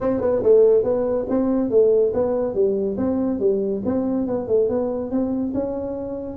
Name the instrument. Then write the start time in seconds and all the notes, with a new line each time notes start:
tuba
0.00 C4
0.21 B3
0.43 A3
0.83 B3
1.29 C4
1.70 A3
2.13 B3
2.54 G3
2.97 C4
3.39 G3
3.85 C4
4.26 B3
4.47 A3
4.68 B3
5.10 C4
5.53 C#4